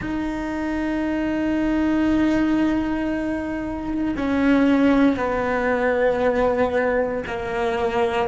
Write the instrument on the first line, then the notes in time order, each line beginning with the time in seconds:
cello
0.00 D#4
4.16 C#4
5.16 B3
7.26 A#3